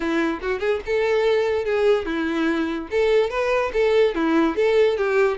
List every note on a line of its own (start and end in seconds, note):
0.00 0.40 E4
0.41 0.59 F#4
0.59 0.80 G#4
0.86 1.65 A4
1.65 2.05 G#4
2.05 2.88 E4
2.91 3.30 A4
3.30 3.71 B4
3.73 4.14 A4
4.15 4.55 E4
4.55 4.97 A4
4.97 5.37 G4